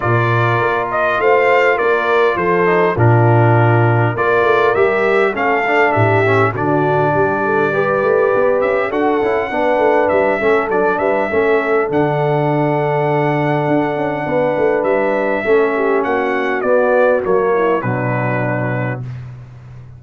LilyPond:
<<
  \new Staff \with { instrumentName = "trumpet" } { \time 4/4 \tempo 4 = 101 d''4. dis''8 f''4 d''4 | c''4 ais'2 d''4 | e''4 f''4 e''4 d''4~ | d''2~ d''8 e''8 fis''4~ |
fis''4 e''4 d''8 e''4. | fis''1~ | fis''4 e''2 fis''4 | d''4 cis''4 b'2 | }
  \new Staff \with { instrumentName = "horn" } { \time 4/4 ais'2 c''4 ais'4 | a'4 f'2 ais'4~ | ais'4 a'4 g'4 fis'4 | g'8 a'8 b'2 a'4 |
b'4. a'4 b'8 a'4~ | a'1 | b'2 a'8 g'8 fis'4~ | fis'4. e'8 d'2 | }
  \new Staff \with { instrumentName = "trombone" } { \time 4/4 f'1~ | f'8 dis'8 d'2 f'4 | g'4 cis'8 d'4 cis'8 d'4~ | d'4 g'2 fis'8 e'8 |
d'4. cis'8 d'4 cis'4 | d'1~ | d'2 cis'2 | b4 ais4 fis2 | }
  \new Staff \with { instrumentName = "tuba" } { \time 4/4 ais,4 ais4 a4 ais4 | f4 ais,2 ais8 a8 | g4 a4 a,4 d4 | g4. a8 b8 cis'8 d'8 cis'8 |
b8 a8 g8 a8 fis8 g8 a4 | d2. d'8 cis'8 | b8 a8 g4 a4 ais4 | b4 fis4 b,2 | }
>>